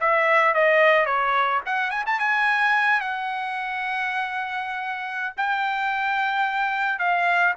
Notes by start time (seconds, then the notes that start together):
0.00 E5
0.54 D#5
1.06 C#5
1.66 F#5
1.90 G#5
2.06 A5
2.19 G#5
3.01 F#5
5.37 G5
6.99 F5